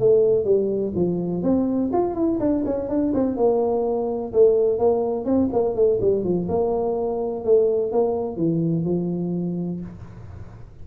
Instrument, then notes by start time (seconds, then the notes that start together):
tuba
0.00 A3
0.45 G3
0.96 F3
1.43 C4
1.93 F4
2.15 E4
2.40 D4
2.66 C#4
2.89 D4
3.14 C4
3.37 A#3
4.33 A3
4.79 A#3
5.25 C4
5.53 A#3
5.76 A3
6.01 G3
6.24 F3
6.49 A#3
7.45 A3
7.92 A#3
8.37 E3
8.85 F3